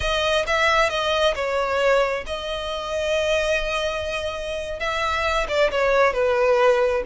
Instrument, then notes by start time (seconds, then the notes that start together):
violin
0.00 D#5
0.47 E5
0.89 D#5
1.35 C#5
2.26 D#5
4.79 E5
5.48 D5
5.71 C#5
6.13 B4